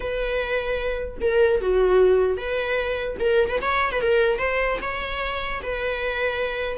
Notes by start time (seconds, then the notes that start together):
0.00 B4
1.21 A#4
1.61 F#4
2.37 B4
3.19 A#4
3.49 B4
3.61 C#5
3.91 B4
4.01 A#4
4.38 C5
4.81 C#5
5.62 B4